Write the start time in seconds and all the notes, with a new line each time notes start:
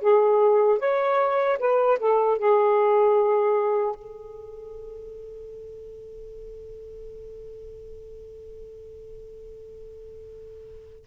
0.00 G#4
0.79 C#5
1.59 B4
1.99 A4
2.38 G#4
3.95 A4